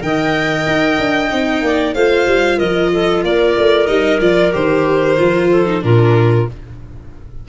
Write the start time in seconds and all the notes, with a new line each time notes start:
0.00 D#3 A#4 D#5 G5
0.66 D#4
0.99 D4
1.30 C4 D#4
1.61 A#3 D5
1.94 A3 F4 C5 F5
2.26 G3
2.57 F3 A#4 D#5
2.92 A4
3.23 A#3 A#4 D5
3.57 A3
3.87 G3 D#4 D#5
4.20 F3 F4 D5
4.51 D#3 G4 C5
5.17 F3 F4
5.50 A4
5.66 D#4
5.81 A#2 D4 F4 A#4